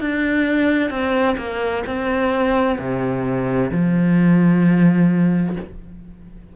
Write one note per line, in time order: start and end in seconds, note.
0.00 0.90 D4
0.90 1.36 C4
1.37 1.83 A#3
1.86 2.78 C4
2.78 3.70 C3
3.71 5.56 F3